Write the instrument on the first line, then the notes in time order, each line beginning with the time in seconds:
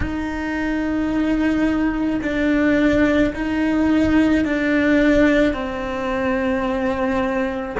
cello
0.00 D#4
2.22 D4
3.34 D#4
4.44 D4
5.53 C4